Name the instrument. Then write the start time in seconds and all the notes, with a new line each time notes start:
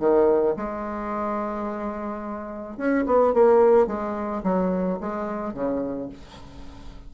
bassoon
0.00 D#3
0.57 G#3
2.78 C#4
3.06 B3
3.34 A#3
3.87 G#3
4.44 F#3
5.01 G#3
5.54 C#3